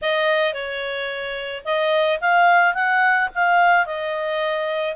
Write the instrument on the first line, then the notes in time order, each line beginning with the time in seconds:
clarinet
0.01 D#5
0.53 C#5
1.64 D#5
2.20 F5
2.74 F#5
3.34 F5
3.85 D#5